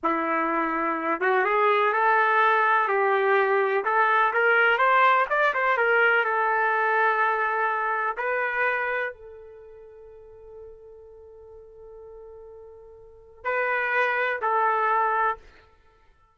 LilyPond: \new Staff \with { instrumentName = "trumpet" } { \time 4/4 \tempo 4 = 125 e'2~ e'8 fis'8 gis'4 | a'2 g'2 | a'4 ais'4 c''4 d''8 c''8 | ais'4 a'2.~ |
a'4 b'2 a'4~ | a'1~ | a'1 | b'2 a'2 | }